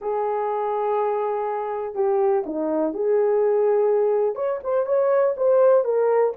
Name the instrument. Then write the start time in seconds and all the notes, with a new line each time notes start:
horn
0.01 G#4
1.94 G4
2.46 D#4
2.93 G#4
4.35 C#5
4.63 C5
4.86 C#5
5.37 C5
5.84 A#4